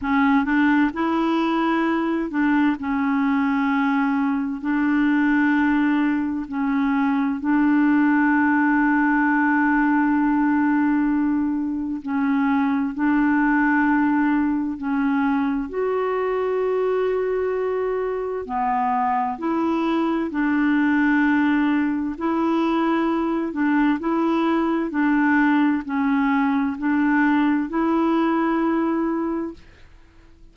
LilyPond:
\new Staff \with { instrumentName = "clarinet" } { \time 4/4 \tempo 4 = 65 cis'8 d'8 e'4. d'8 cis'4~ | cis'4 d'2 cis'4 | d'1~ | d'4 cis'4 d'2 |
cis'4 fis'2. | b4 e'4 d'2 | e'4. d'8 e'4 d'4 | cis'4 d'4 e'2 | }